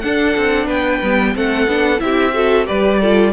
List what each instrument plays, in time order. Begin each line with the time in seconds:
0.00 cello D4, viola D4, violin A4 F#5
0.37 cello C4
0.66 cello B3, violin B4 G5
1.02 cello G3, viola B3
1.34 cello A3, viola C4, violin A4 F#5
1.67 cello B3, viola D4
1.98 cello C4, viola E4, violin G4 E5
2.33 viola F#4, violin A4
2.65 cello G3, viola G4, violin B4 D5
3.00 viola F4, violin A4